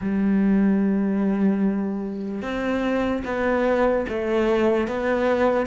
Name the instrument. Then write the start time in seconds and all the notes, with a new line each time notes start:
cello
0.01 G3
2.41 C4
3.24 B3
4.08 A3
4.87 B3